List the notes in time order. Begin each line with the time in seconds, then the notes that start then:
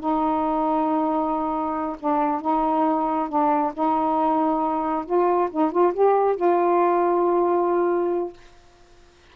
0.00 D#4
2.00 D4
2.42 D#4
3.29 D4
3.74 D#4
5.06 F4
5.52 D#4
5.72 F4
5.94 G4
6.36 F4